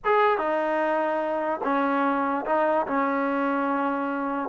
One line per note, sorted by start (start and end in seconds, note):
0.04 0.38 G#4
0.38 1.60 D#4
1.63 2.45 C#4
2.45 2.86 D#4
2.86 4.49 C#4